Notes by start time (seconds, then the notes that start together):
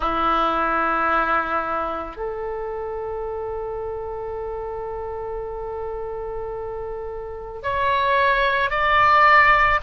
0.00 E4
2.16 A4
7.62 C#5
8.70 D5